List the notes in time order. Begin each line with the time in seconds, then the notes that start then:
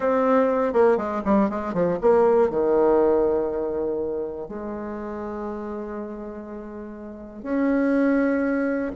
0.00 C4
0.73 A#3
0.97 G#3
1.24 G3
1.49 G#3
1.73 F3
2.01 A#3
2.50 D#3
4.48 G#3
7.42 C#4